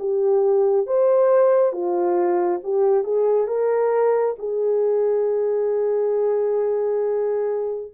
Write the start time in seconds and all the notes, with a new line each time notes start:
0.00 G4
0.87 C5
1.73 F4
2.64 G4
3.04 G#4
3.48 A#4
4.39 G#4